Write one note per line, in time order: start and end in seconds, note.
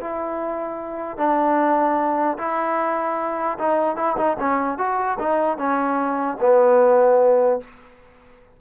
0.00 1.17 E4
1.17 2.37 D4
2.38 3.58 E4
3.58 3.96 D#4
3.96 4.16 E4
4.17 4.37 D#4
4.39 4.78 C#4
4.78 5.18 F#4
5.19 5.57 D#4
5.57 6.37 C#4
6.40 7.60 B3